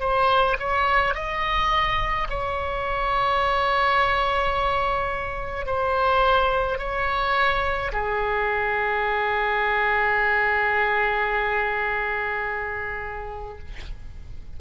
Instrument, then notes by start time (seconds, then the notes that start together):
oboe
0.00 C5
0.59 C#5
1.14 D#5
2.30 C#5
5.66 C5
6.78 C#5
7.92 G#4